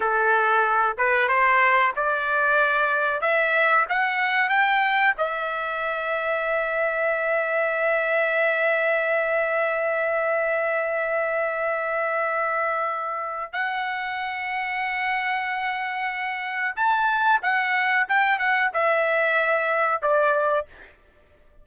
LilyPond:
\new Staff \with { instrumentName = "trumpet" } { \time 4/4 \tempo 4 = 93 a'4. b'8 c''4 d''4~ | d''4 e''4 fis''4 g''4 | e''1~ | e''1~ |
e''1~ | e''4 fis''2.~ | fis''2 a''4 fis''4 | g''8 fis''8 e''2 d''4 | }